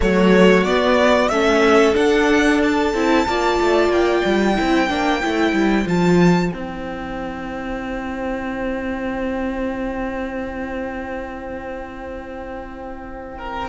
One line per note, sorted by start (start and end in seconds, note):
0.00 0.67 F#3
0.00 0.64 A3
0.00 1.31 F#4
0.00 0.63 C#5
0.63 1.30 B3
0.63 1.29 B3
0.63 1.28 D5
1.28 1.94 A3
1.28 1.94 C#4
1.28 3.27 A4
1.28 1.93 E5
1.94 2.92 D4
1.94 2.93 D4
1.94 2.61 F#5
2.63 3.92 A5
2.93 3.26 C4
2.93 3.27 E4
3.26 3.59 A#3
3.26 4.55 F4
3.26 4.58 D5
3.61 3.89 A3
3.89 4.21 A#3
3.89 5.87 G5
4.25 4.57 G3
4.55 4.90 C4
4.55 4.87 E4
4.55 13.37 C5
4.88 5.22 A#3
4.88 5.21 D4
5.22 5.52 A3
5.22 5.85 E4
5.52 5.85 G3
5.85 6.51 F3
5.85 6.50 F4
5.85 6.51 A5
6.50 13.68 C4
6.50 13.67 E4
6.50 13.68 G5
13.37 13.68 A#4